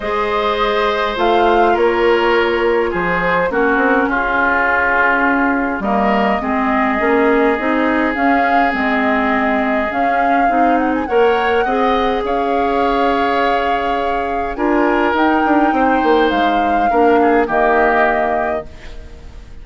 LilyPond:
<<
  \new Staff \with { instrumentName = "flute" } { \time 4/4 \tempo 4 = 103 dis''2 f''4 cis''4~ | cis''4 c''4 ais'4 gis'4~ | gis'2 dis''2~ | dis''2 f''4 dis''4~ |
dis''4 f''4. fis''16 gis''16 fis''4~ | fis''4 f''2.~ | f''4 gis''4 g''2 | f''2 dis''2 | }
  \new Staff \with { instrumentName = "oboe" } { \time 4/4 c''2. ais'4~ | ais'4 gis'4 fis'4 f'4~ | f'2 ais'4 gis'4~ | gis'1~ |
gis'2. cis''4 | dis''4 cis''2.~ | cis''4 ais'2 c''4~ | c''4 ais'8 gis'8 g'2 | }
  \new Staff \with { instrumentName = "clarinet" } { \time 4/4 gis'2 f'2~ | f'2 cis'2~ | cis'2 ais4 c'4 | cis'4 dis'4 cis'4 c'4~ |
c'4 cis'4 dis'4 ais'4 | gis'1~ | gis'4 f'4 dis'2~ | dis'4 d'4 ais2 | }
  \new Staff \with { instrumentName = "bassoon" } { \time 4/4 gis2 a4 ais4~ | ais4 f4 ais8 c'8 cis'4~ | cis'2 g4 gis4 | ais4 c'4 cis'4 gis4~ |
gis4 cis'4 c'4 ais4 | c'4 cis'2.~ | cis'4 d'4 dis'8 d'8 c'8 ais8 | gis4 ais4 dis2 | }
>>